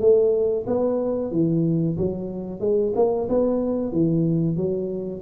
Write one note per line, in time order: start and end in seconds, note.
0.00 0.65 A3
0.67 1.31 B3
1.31 1.97 E3
1.97 2.60 F#3
2.60 2.93 G#3
2.96 3.28 A#3
3.29 3.92 B3
3.92 4.57 E3
4.57 5.21 F#3